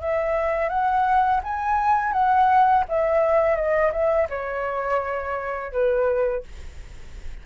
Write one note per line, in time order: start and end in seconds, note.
0.00 0.69 E5
0.69 1.40 F#5
1.43 2.12 G#5
2.12 2.84 F#5
2.89 3.56 E5
3.56 3.91 D#5
3.92 4.28 E5
4.29 5.72 C#5
5.72 6.43 B4